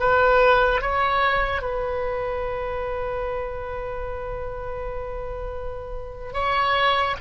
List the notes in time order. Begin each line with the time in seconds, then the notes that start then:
0.00 B4
0.82 C#5
1.62 B4
6.34 C#5